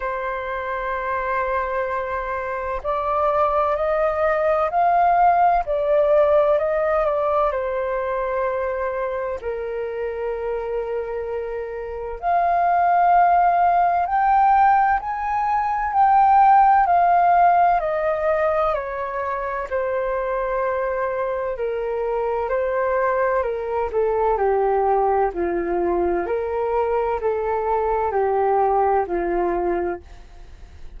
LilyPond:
\new Staff \with { instrumentName = "flute" } { \time 4/4 \tempo 4 = 64 c''2. d''4 | dis''4 f''4 d''4 dis''8 d''8 | c''2 ais'2~ | ais'4 f''2 g''4 |
gis''4 g''4 f''4 dis''4 | cis''4 c''2 ais'4 | c''4 ais'8 a'8 g'4 f'4 | ais'4 a'4 g'4 f'4 | }